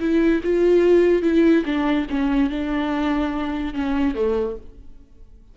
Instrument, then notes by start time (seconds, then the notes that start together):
viola
0.00 E4
0.44 F4
1.23 E4
1.66 D4
2.10 C#4
2.50 D4
3.74 C#4
4.15 A3